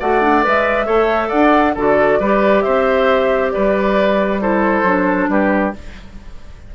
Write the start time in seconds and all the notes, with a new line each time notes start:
0.00 A3 F#4 D5 F#5
0.22 D4
0.44 G#3 B4 E5
0.86 A3 A4 C#5
1.28 D4 D5 F#5
1.75 D3 F#4 A4 D5
2.20 G3 G4 B4
2.62 C4 C5 E5
3.51 G3 B4 D5
4.42 E4 A4 C5
4.83 F#3 D4
5.29 G3 G4 B4